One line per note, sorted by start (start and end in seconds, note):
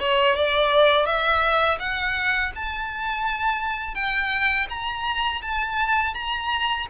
0.00 0.36 C#5
0.36 1.06 D5
1.06 1.78 E5
1.79 2.52 F#5
2.55 3.95 A5
3.95 4.67 G5
4.70 5.42 A#5
5.42 6.14 A5
6.14 6.87 A#5